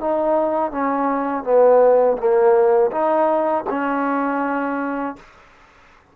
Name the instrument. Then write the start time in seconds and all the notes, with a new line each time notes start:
trombone
0.00 D#4
0.71 C#4
1.43 B3
2.17 A#3
2.91 D#4
3.70 C#4